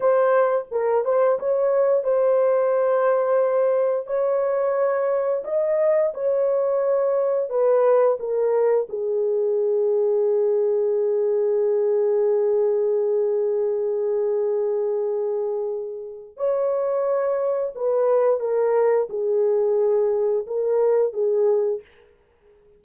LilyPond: \new Staff \with { instrumentName = "horn" } { \time 4/4 \tempo 4 = 88 c''4 ais'8 c''8 cis''4 c''4~ | c''2 cis''2 | dis''4 cis''2 b'4 | ais'4 gis'2.~ |
gis'1~ | gis'1 | cis''2 b'4 ais'4 | gis'2 ais'4 gis'4 | }